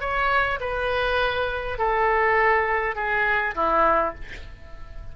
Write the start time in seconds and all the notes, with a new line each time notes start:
0.00 C#5
0.60 B4
1.78 A4
2.95 G#4
3.55 E4